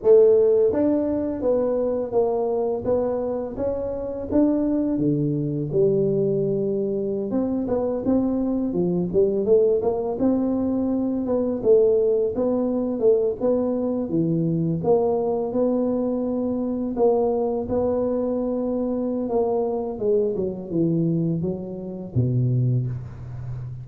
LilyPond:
\new Staff \with { instrumentName = "tuba" } { \time 4/4 \tempo 4 = 84 a4 d'4 b4 ais4 | b4 cis'4 d'4 d4 | g2~ g16 c'8 b8 c'8.~ | c'16 f8 g8 a8 ais8 c'4. b16~ |
b16 a4 b4 a8 b4 e16~ | e8. ais4 b2 ais16~ | ais8. b2~ b16 ais4 | gis8 fis8 e4 fis4 b,4 | }